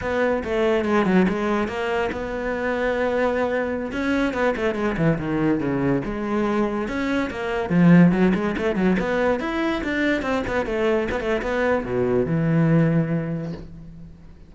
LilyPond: \new Staff \with { instrumentName = "cello" } { \time 4/4 \tempo 4 = 142 b4 a4 gis8 fis8 gis4 | ais4 b2.~ | b4~ b16 cis'4 b8 a8 gis8 e16~ | e16 dis4 cis4 gis4.~ gis16~ |
gis16 cis'4 ais4 f4 fis8 gis16~ | gis16 a8 fis8 b4 e'4 d'8.~ | d'16 c'8 b8 a4 b16 a8 b4 | b,4 e2. | }